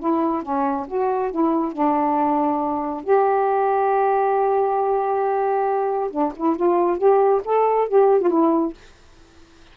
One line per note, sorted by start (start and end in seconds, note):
0.00 0.43 E4
0.43 0.87 C#4
0.88 1.31 F#4
1.31 1.73 E4
1.73 3.04 D4
3.04 6.11 G4
6.11 6.33 D4
6.37 6.57 E4
6.57 6.98 F4
6.98 7.42 G4
7.45 7.89 A4
7.89 8.22 G4
8.22 8.30 F4
8.30 8.74 E4